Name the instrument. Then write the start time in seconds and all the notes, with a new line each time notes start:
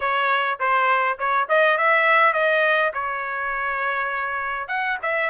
trumpet
0.00 C#5
0.59 C5
1.18 C#5
1.48 D#5
1.77 E5
2.33 D#5
2.93 C#5
4.68 F#5
5.02 E5